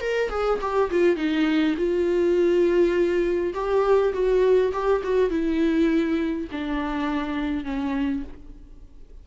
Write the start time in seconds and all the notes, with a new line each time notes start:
0.00 A#4
0.29 G#4
0.61 G4
0.91 F4
1.16 D#4
1.77 F4
3.53 G4
4.13 F#4
4.72 G4
5.03 F#4
5.30 E4
6.51 D4
7.64 C#4